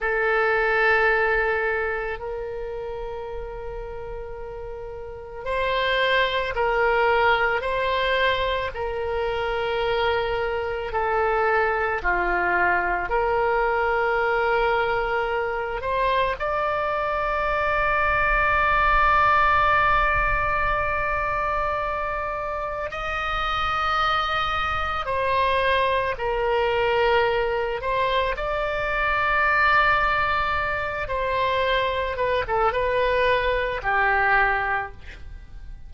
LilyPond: \new Staff \with { instrumentName = "oboe" } { \time 4/4 \tempo 4 = 55 a'2 ais'2~ | ais'4 c''4 ais'4 c''4 | ais'2 a'4 f'4 | ais'2~ ais'8 c''8 d''4~ |
d''1~ | d''4 dis''2 c''4 | ais'4. c''8 d''2~ | d''8 c''4 b'16 a'16 b'4 g'4 | }